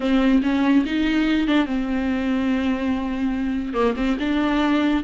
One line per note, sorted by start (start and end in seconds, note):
0.00 0.41 C4
0.42 0.84 C#4
0.85 1.47 D#4
1.47 1.66 D4
1.66 3.73 C4
3.73 3.94 A#3
3.96 4.17 C4
4.19 5.03 D4